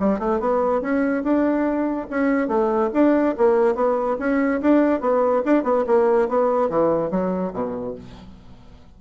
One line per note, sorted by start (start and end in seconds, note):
0.00 0.19 G3
0.19 0.40 A3
0.40 0.82 B3
0.82 1.24 C#4
1.24 2.08 D4
2.11 2.48 C#4
2.48 2.90 A3
2.94 3.36 D4
3.38 3.75 A#3
3.75 4.17 B3
4.19 4.61 C#4
4.62 5.01 D4
5.01 5.43 B3
5.46 5.64 D4
5.64 5.85 B3
5.87 6.29 A#3
6.29 6.70 B3
6.70 7.11 E3
7.11 7.53 F#3
7.54 7.95 B2